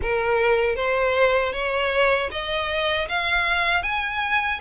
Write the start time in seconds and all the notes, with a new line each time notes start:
0.01 A#4
0.75 C5
1.52 C#5
2.31 D#5
3.08 F5
3.83 G#5